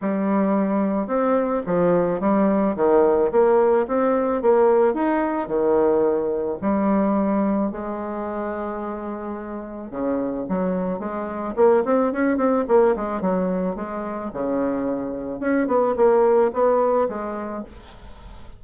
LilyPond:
\new Staff \with { instrumentName = "bassoon" } { \time 4/4 \tempo 4 = 109 g2 c'4 f4 | g4 dis4 ais4 c'4 | ais4 dis'4 dis2 | g2 gis2~ |
gis2 cis4 fis4 | gis4 ais8 c'8 cis'8 c'8 ais8 gis8 | fis4 gis4 cis2 | cis'8 b8 ais4 b4 gis4 | }